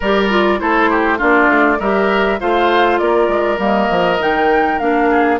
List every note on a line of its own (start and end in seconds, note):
0.00 0.60 G3
0.00 0.30 G4
0.00 0.59 A#4
0.00 0.59 D5
0.30 0.58 F4
0.58 1.21 A3
0.58 1.18 E4
0.58 0.90 A4
0.58 1.19 C5
0.90 1.18 G4
1.18 1.48 A#3
1.18 1.78 D4
1.18 1.78 F4
1.18 1.80 D5
1.48 1.78 A3
1.79 2.39 G3
1.79 2.40 G4
1.79 2.39 A#4
1.79 2.40 E5
2.40 3.00 A3
2.40 3.57 F4
2.40 3.00 C5
2.40 2.98 F5
2.98 3.27 A#3
2.98 5.10 A#4
2.98 3.58 D5
3.27 3.58 G#3
3.57 3.88 G3
3.57 4.17 A#3
3.57 4.22 D#5
3.90 4.20 F3
4.19 4.80 D#3
4.19 4.79 D#4
4.19 4.79 G5
4.79 5.39 A#3
4.79 5.39 D4
4.79 5.38 F5
5.10 5.39 G#4